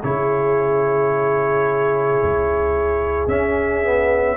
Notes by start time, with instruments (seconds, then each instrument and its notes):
0.00 tuba C#3, trombone E4, horn G#4, trumpet C#5
2.23 tuba C#2
3.28 tuba C#4, trombone C#4, trumpet E5
3.83 trombone B3